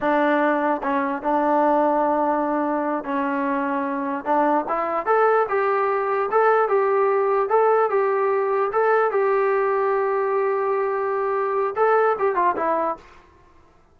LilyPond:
\new Staff \with { instrumentName = "trombone" } { \time 4/4 \tempo 4 = 148 d'2 cis'4 d'4~ | d'2.~ d'8 cis'8~ | cis'2~ cis'8 d'4 e'8~ | e'8 a'4 g'2 a'8~ |
a'8 g'2 a'4 g'8~ | g'4. a'4 g'4.~ | g'1~ | g'4 a'4 g'8 f'8 e'4 | }